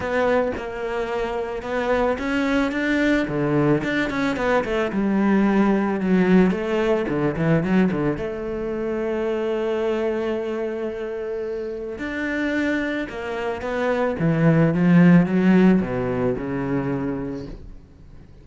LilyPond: \new Staff \with { instrumentName = "cello" } { \time 4/4 \tempo 4 = 110 b4 ais2 b4 | cis'4 d'4 d4 d'8 cis'8 | b8 a8 g2 fis4 | a4 d8 e8 fis8 d8 a4~ |
a1~ | a2 d'2 | ais4 b4 e4 f4 | fis4 b,4 cis2 | }